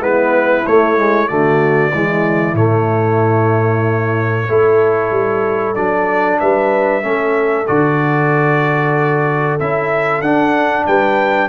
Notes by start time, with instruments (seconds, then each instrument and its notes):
0.00 tuba G#3, trombone B3, horn E4, trumpet B4
0.66 trombone A3, tuba A3, trumpet C#5
0.97 trombone G#3
1.28 tuba D3, trombone A3, horn F#4, trumpet D5
1.93 tuba E3, trombone G#3, horn E4
2.54 tuba A2, trombone A3, trumpet C#5
4.48 tuba A3, trombone E4, horn A4
5.11 tuba G3
5.75 tuba F#3, trombone D4, trumpet D5
6.39 tuba G3, horn B4, trumpet E5
7.02 tuba A3, trombone C#4, horn A4
7.67 tuba D3, trombone F#4, trumpet D5
9.59 tuba C#4, trombone E4, trumpet E5
10.20 tuba D4, trombone D4, trumpet F#5
10.86 tuba G3, horn B4, trumpet G5